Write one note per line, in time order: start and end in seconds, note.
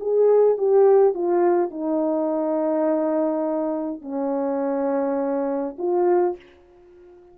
0.00 0.58 G#4
0.58 1.14 G4
1.14 1.70 F4
1.70 4.01 D#4
4.01 5.76 C#4
5.78 6.36 F4